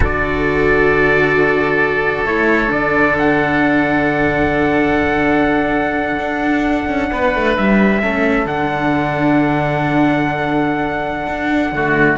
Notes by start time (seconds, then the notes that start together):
0.00 D3 F#4 A4 D5
2.24 A3 E4 C#5
2.67 D3 D4 D5
3.18 F#5
6.19 D4
6.87 C#4
7.11 B3 B4
7.35 A3
7.56 G3 E5
8.01 A3 C#4 A4
8.45 D3 D4 F#5
11.27 D4
11.72 D3 A3 F#4